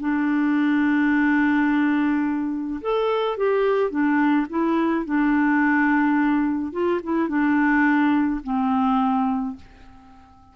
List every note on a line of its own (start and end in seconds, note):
0.00 2.80 D4
2.81 3.37 A4
3.37 3.90 G4
3.90 4.47 D4
4.50 5.05 E4
5.05 6.73 D4
6.73 7.01 F4
7.03 7.29 E4
7.29 8.41 D4
8.44 9.56 C4